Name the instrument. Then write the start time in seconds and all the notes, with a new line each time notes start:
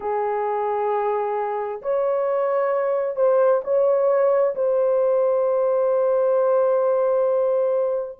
horn
0.00 G#4
1.82 C#5
3.16 C5
3.64 C#5
4.55 C5